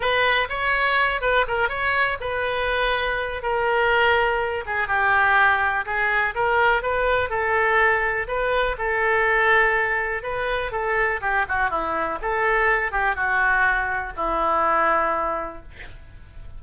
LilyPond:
\new Staff \with { instrumentName = "oboe" } { \time 4/4 \tempo 4 = 123 b'4 cis''4. b'8 ais'8 cis''8~ | cis''8 b'2~ b'8 ais'4~ | ais'4. gis'8 g'2 | gis'4 ais'4 b'4 a'4~ |
a'4 b'4 a'2~ | a'4 b'4 a'4 g'8 fis'8 | e'4 a'4. g'8 fis'4~ | fis'4 e'2. | }